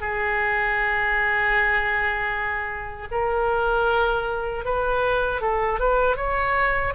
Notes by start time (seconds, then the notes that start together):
0.00 G#4
3.11 A#4
4.64 B4
5.41 A4
5.79 B4
6.16 C#5